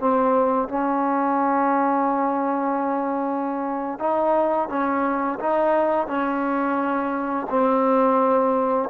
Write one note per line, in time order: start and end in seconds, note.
0.00 0.68 C4
0.68 3.99 C#4
3.99 4.69 D#4
4.69 5.38 C#4
5.39 6.07 D#4
6.07 7.47 C#4
7.49 8.89 C4